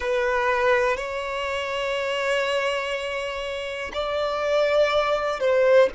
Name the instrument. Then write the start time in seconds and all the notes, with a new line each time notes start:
violin
0.00 B4
0.96 C#5
3.93 D5
5.40 C5